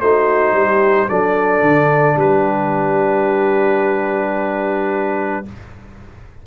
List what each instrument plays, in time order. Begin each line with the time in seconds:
0.00 tuba A3, trombone D#4, horn F#4, trumpet C5
0.52 tuba G3, horn G4
1.08 tuba F#3, trombone D4, horn A4, trumpet D5
1.61 tuba D3
2.16 tuba G3, horn G4, trumpet B4